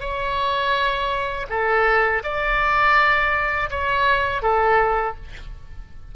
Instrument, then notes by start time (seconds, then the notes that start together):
oboe
0.00 C#5
1.49 A4
2.24 D5
3.71 C#5
4.42 A4